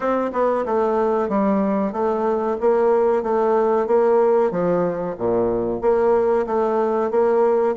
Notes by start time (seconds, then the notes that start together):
0.00 C4
0.32 B3
0.65 A3
1.28 G3
1.92 A3
2.60 A#3
3.22 A3
3.87 A#3
4.51 F3
5.18 A#2
5.81 A#3
6.46 A3
7.10 A#3